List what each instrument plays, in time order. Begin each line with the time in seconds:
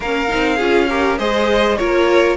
0.00 cello A#3, viola C#4, violin A#4 F5
0.28 cello C4, viola D#4
0.56 cello C#4, viola F4, violin G#4
0.89 viola G4, violin A#4
1.18 cello G#3, viola G#4, violin C5 D#5
1.77 cello A#3, viola F4, violin A#4 C#5